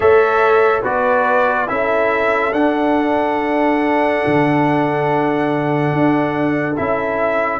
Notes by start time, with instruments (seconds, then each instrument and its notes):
0.00 tuba A3, trombone A4, horn C#5, trumpet E5
0.82 tuba B3, trombone F#4, horn B4, trumpet D5
1.67 tuba C#4, trombone E4, horn A4, trumpet E5
2.52 tuba D4, trombone D4, trumpet F#5
4.26 tuba D3
5.92 tuba D4
6.76 tuba C#4, trombone E4, trumpet E5